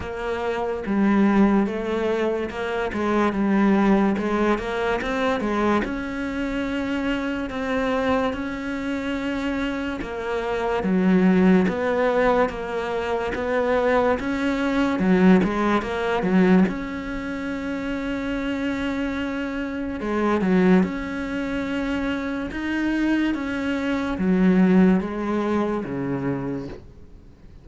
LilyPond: \new Staff \with { instrumentName = "cello" } { \time 4/4 \tempo 4 = 72 ais4 g4 a4 ais8 gis8 | g4 gis8 ais8 c'8 gis8 cis'4~ | cis'4 c'4 cis'2 | ais4 fis4 b4 ais4 |
b4 cis'4 fis8 gis8 ais8 fis8 | cis'1 | gis8 fis8 cis'2 dis'4 | cis'4 fis4 gis4 cis4 | }